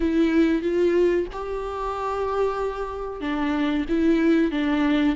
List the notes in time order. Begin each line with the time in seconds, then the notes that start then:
0.00 E4
0.61 F4
1.32 G4
3.21 D4
3.89 E4
4.51 D4